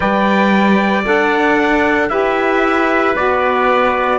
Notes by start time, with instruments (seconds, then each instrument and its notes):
0.00 cello G3, saxophone B4, trumpet D5 G5
1.04 cello D4, saxophone A4, trumpet F#5
2.09 cello E4, saxophone G4, trumpet B4 E5
3.15 cello B3, saxophone F#4, trumpet D5